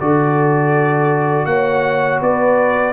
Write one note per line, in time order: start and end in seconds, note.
0.00 1.45 D3
0.00 2.93 F#4
0.00 1.48 A4
0.00 1.46 D5
1.45 2.19 A#3
1.45 2.22 C#5
1.45 2.20 F#5
2.21 2.93 B3
2.21 2.93 B4
2.21 2.93 D5